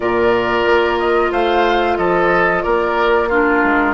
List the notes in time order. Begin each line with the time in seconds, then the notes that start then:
0.00 A#2 F4 A#4 D5
0.65 A#3
0.98 D#5
1.31 A3 C5 F5
1.97 F3 A4 D#5
2.62 A#3 A#4 D5
3.28 D4 F4 A#4
3.63 G#3